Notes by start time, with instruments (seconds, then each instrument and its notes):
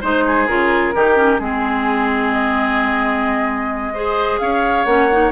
0.00 bassoon G#3, clarinet D#4, oboe C5, flute C5
0.26 oboe G#4
0.47 bassoon C#3, clarinet F4, flute A#4
0.94 bassoon D#3, clarinet D#4, oboe G4
1.15 clarinet C#4
1.38 bassoon G#3, clarinet C4, flute G#4, oboe G#4
2.32 flute D#5
3.93 clarinet G#4, oboe C5
4.39 bassoon C#4, oboe C#5, flute F5
4.84 bassoon A#3, clarinet C#4, flute F#5
5.11 clarinet D#4